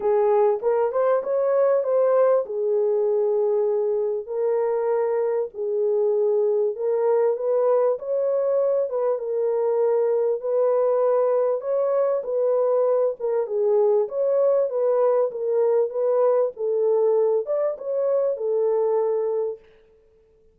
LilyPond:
\new Staff \with { instrumentName = "horn" } { \time 4/4 \tempo 4 = 98 gis'4 ais'8 c''8 cis''4 c''4 | gis'2. ais'4~ | ais'4 gis'2 ais'4 | b'4 cis''4. b'8 ais'4~ |
ais'4 b'2 cis''4 | b'4. ais'8 gis'4 cis''4 | b'4 ais'4 b'4 a'4~ | a'8 d''8 cis''4 a'2 | }